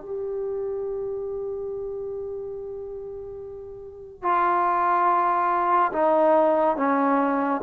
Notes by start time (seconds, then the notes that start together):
0.00 G4
4.23 F4
5.92 D#4
6.76 C#4